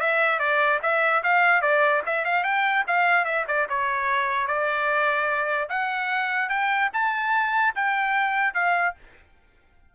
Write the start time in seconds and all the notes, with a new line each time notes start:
0.00 E5
0.39 D5
0.82 E5
1.23 F5
1.61 D5
2.06 E5
2.24 F5
2.43 G5
2.87 F5
3.25 E5
3.47 D5
3.69 C#5
4.47 D5
5.69 F#5
6.49 G5
6.93 A5
7.75 G5
8.54 F5